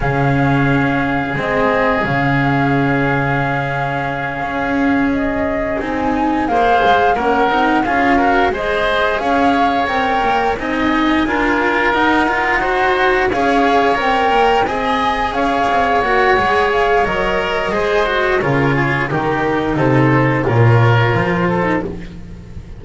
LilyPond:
<<
  \new Staff \with { instrumentName = "flute" } { \time 4/4 \tempo 4 = 88 f''2 dis''4 f''4~ | f''2.~ f''8 dis''8~ | dis''8 gis''4 f''4 fis''4 f''8~ | f''8 dis''4 f''4 g''4 gis''8~ |
gis''4. fis''2 f''8~ | f''8 g''4 gis''4 f''4 fis''8~ | fis''8 f''8 dis''2 cis''4 | ais'4 c''4 cis''4 c''4 | }
  \new Staff \with { instrumentName = "oboe" } { \time 4/4 gis'1~ | gis'1~ | gis'4. c''4 ais'4 gis'8 | ais'8 c''4 cis''2 dis''8~ |
dis''8 ais'2 c''4 cis''8~ | cis''4. dis''4 cis''4.~ | cis''2 c''4 ais'8 gis'8 | g'4 a'4 ais'4. a'8 | }
  \new Staff \with { instrumentName = "cello" } { \time 4/4 cis'2 c'4 cis'4~ | cis'1~ | cis'8 dis'4 gis'4 cis'8 dis'8 f'8 | fis'8 gis'2 ais'4 dis'8~ |
dis'8 f'4 dis'8 f'8 fis'4 gis'8~ | gis'8 ais'4 gis'2 fis'8 | gis'4 ais'4 gis'8 fis'8 f'4 | dis'2 f'4.~ f'16 dis'16 | }
  \new Staff \with { instrumentName = "double bass" } { \time 4/4 cis2 gis4 cis4~ | cis2~ cis8 cis'4.~ | cis'8 c'4 ais8 gis8 ais8 c'8 cis'8~ | cis'8 gis4 cis'4 c'8 ais8 c'8~ |
c'8 d'4 dis'2 cis'8~ | cis'8 c'8 ais8 c'4 cis'8 c'8 ais8 | gis4 fis4 gis4 cis4 | dis4 c4 ais,4 f4 | }
>>